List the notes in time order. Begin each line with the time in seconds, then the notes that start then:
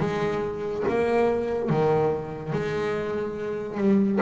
0.00 G#3
0.88 A#3
1.69 D#3
2.53 G#3
3.77 G3